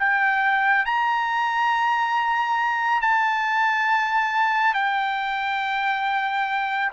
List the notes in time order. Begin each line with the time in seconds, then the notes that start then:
0.00 G5
0.86 A#5
3.02 A5
4.74 G5